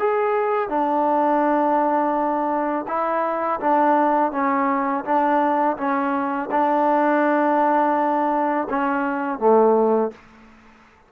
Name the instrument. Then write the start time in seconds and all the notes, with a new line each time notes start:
trombone
0.00 G#4
0.69 D4
2.88 E4
3.61 D4
4.32 C#4
5.05 D4
5.77 C#4
6.51 D4
8.70 C#4
9.39 A3